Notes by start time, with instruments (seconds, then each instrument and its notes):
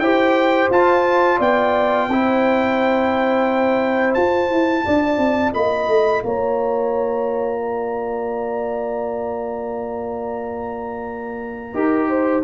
0.00 tuba E4, trombone G4, horn C5, trumpet G5
0.70 tuba F4, trombone F4, trumpet A5
1.38 tuba B3, horn D5, trumpet G5
2.09 tuba C4, trombone E4, horn C5
4.14 tuba F4, trombone F4, trumpet A5
4.50 tuba E4
4.85 tuba D4, horn D5
5.18 tuba C4
5.54 tuba A#3, horn D#5, trumpet B5
5.88 tuba A3
6.23 tuba A#3, horn C#5, trumpet A#5
7.61 horn D5
11.74 tuba D#4, trombone G4, horn A#4
12.10 horn C5